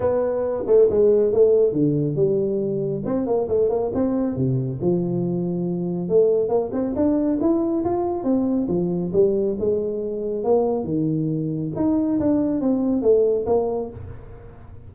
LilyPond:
\new Staff \with { instrumentName = "tuba" } { \time 4/4 \tempo 4 = 138 b4. a8 gis4 a4 | d4 g2 c'8 ais8 | a8 ais8 c'4 c4 f4~ | f2 a4 ais8 c'8 |
d'4 e'4 f'4 c'4 | f4 g4 gis2 | ais4 dis2 dis'4 | d'4 c'4 a4 ais4 | }